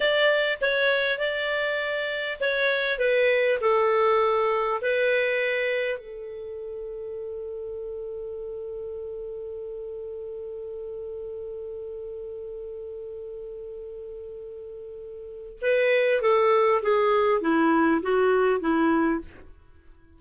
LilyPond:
\new Staff \with { instrumentName = "clarinet" } { \time 4/4 \tempo 4 = 100 d''4 cis''4 d''2 | cis''4 b'4 a'2 | b'2 a'2~ | a'1~ |
a'1~ | a'1~ | a'2 b'4 a'4 | gis'4 e'4 fis'4 e'4 | }